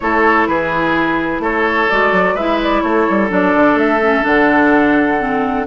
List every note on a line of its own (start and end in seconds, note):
0.00 0.47 A3
0.00 1.90 E4
0.00 0.48 A4
0.00 0.47 C#5
0.47 1.39 E3
0.47 1.41 G#4
0.47 1.41 B4
1.39 1.86 A3
1.39 2.34 A4
1.39 1.90 C#5
1.90 2.11 G#3
1.90 2.37 F#4
1.90 2.36 D5
2.11 2.34 F#3
2.34 2.81 G#3
2.34 3.28 E4
2.34 2.81 B4
2.34 2.60 E5
2.62 2.81 D5
2.81 3.06 A3
2.81 5.67 A4
2.81 3.28 C#5
3.09 3.30 G3
3.28 3.54 F#3
3.28 3.99 D4
3.28 3.77 D5
3.54 3.74 D3
3.74 4.21 A3
3.74 4.25 E5
4.02 4.22 C#4
4.22 5.67 D3
4.22 5.17 D4
4.22 5.67 F#5
5.19 5.66 C4